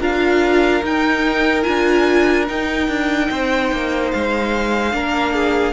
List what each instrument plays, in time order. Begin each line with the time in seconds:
0.00 cello D4, viola F4, violin A#4 F5
0.82 cello D#4, viola D#4, violin G5
1.63 cello D4, viola F4, violin G#5
2.48 viola D#4, cello D#4, violin G5
2.88 cello D4
3.30 cello C4, violin C5
3.71 cello A#3
4.11 cello G#3, violin F5
4.92 cello A#3, viola D4, violin A#4
5.34 violin G#4